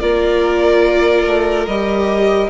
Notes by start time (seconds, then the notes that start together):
0.00 A#3 F4 A#4 D5
1.26 A3
1.67 G3 G4 D#5